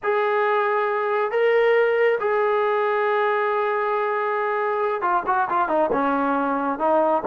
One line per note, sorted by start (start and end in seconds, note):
0.03 1.31 G#4
1.31 2.18 A#4
2.19 5.01 G#4
5.01 5.23 F4
5.26 5.48 F#4
5.49 5.68 F4
5.68 5.90 D#4
5.92 6.79 C#4
6.79 7.22 D#4